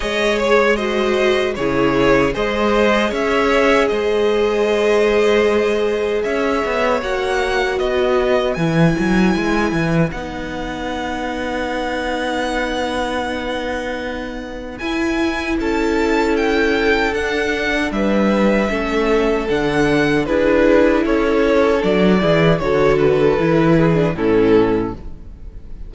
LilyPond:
<<
  \new Staff \with { instrumentName = "violin" } { \time 4/4 \tempo 4 = 77 dis''8 cis''8 dis''4 cis''4 dis''4 | e''4 dis''2. | e''4 fis''4 dis''4 gis''4~ | gis''4 fis''2.~ |
fis''2. gis''4 | a''4 g''4 fis''4 e''4~ | e''4 fis''4 b'4 cis''4 | d''4 cis''8 b'4. a'4 | }
  \new Staff \with { instrumentName = "violin" } { \time 4/4 cis''4 c''4 gis'4 c''4 | cis''4 c''2. | cis''2 b'2~ | b'1~ |
b'1 | a'2. b'4 | a'2 gis'4 a'4~ | a'8 gis'8 a'4. gis'8 e'4 | }
  \new Staff \with { instrumentName = "viola" } { \time 4/4 gis'4 fis'4 e'4 gis'4~ | gis'1~ | gis'4 fis'2 e'4~ | e'4 dis'2.~ |
dis'2. e'4~ | e'2 d'2 | cis'4 d'4 e'2 | d'8 e'8 fis'4 e'8. d'16 cis'4 | }
  \new Staff \with { instrumentName = "cello" } { \time 4/4 gis2 cis4 gis4 | cis'4 gis2. | cis'8 b8 ais4 b4 e8 fis8 | gis8 e8 b2.~ |
b2. e'4 | cis'2 d'4 g4 | a4 d4 d'4 cis'4 | fis8 e8 d4 e4 a,4 | }
>>